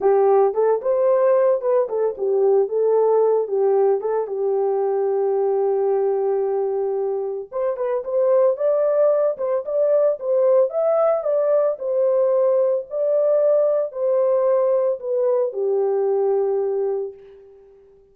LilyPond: \new Staff \with { instrumentName = "horn" } { \time 4/4 \tempo 4 = 112 g'4 a'8 c''4. b'8 a'8 | g'4 a'4. g'4 a'8 | g'1~ | g'2 c''8 b'8 c''4 |
d''4. c''8 d''4 c''4 | e''4 d''4 c''2 | d''2 c''2 | b'4 g'2. | }